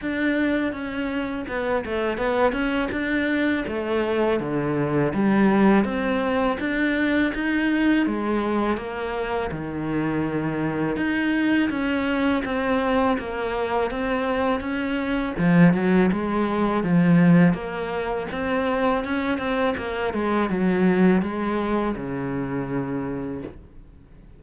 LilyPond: \new Staff \with { instrumentName = "cello" } { \time 4/4 \tempo 4 = 82 d'4 cis'4 b8 a8 b8 cis'8 | d'4 a4 d4 g4 | c'4 d'4 dis'4 gis4 | ais4 dis2 dis'4 |
cis'4 c'4 ais4 c'4 | cis'4 f8 fis8 gis4 f4 | ais4 c'4 cis'8 c'8 ais8 gis8 | fis4 gis4 cis2 | }